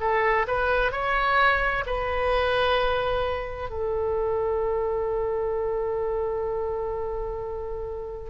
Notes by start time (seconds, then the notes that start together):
0.00 A4
0.47 B4
0.92 C#5
1.86 B4
3.70 A4